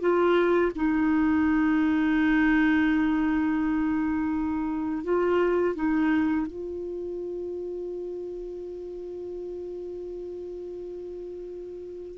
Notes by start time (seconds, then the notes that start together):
0.00 F4
0.75 D#4
5.04 F4
5.75 D#4
6.46 F4